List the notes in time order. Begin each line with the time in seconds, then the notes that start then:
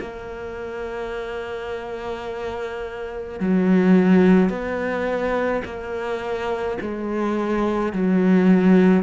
0.00 A#3
3.39 F#3
4.49 B3
5.64 A#3
6.81 G#3
7.92 F#3